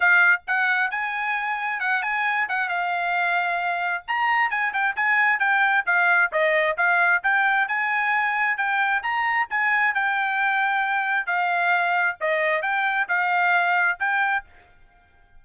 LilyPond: \new Staff \with { instrumentName = "trumpet" } { \time 4/4 \tempo 4 = 133 f''4 fis''4 gis''2 | fis''8 gis''4 fis''8 f''2~ | f''4 ais''4 gis''8 g''8 gis''4 | g''4 f''4 dis''4 f''4 |
g''4 gis''2 g''4 | ais''4 gis''4 g''2~ | g''4 f''2 dis''4 | g''4 f''2 g''4 | }